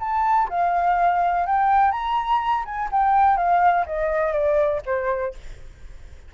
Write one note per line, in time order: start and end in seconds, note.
0.00 0.48 A5
0.49 1.46 F5
1.46 1.92 G5
1.92 2.64 A#5
2.65 2.89 G#5
2.91 3.37 G5
3.37 3.86 F5
3.86 4.33 D#5
4.33 4.81 D5
4.86 5.34 C5